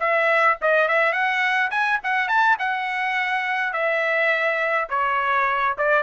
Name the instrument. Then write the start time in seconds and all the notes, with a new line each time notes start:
trumpet
0.00 E5
0.62 D#5
0.88 E5
1.12 F#5
1.70 G#5
2.03 F#5
2.28 A5
2.59 F#5
3.73 E5
4.90 C#5
5.78 D5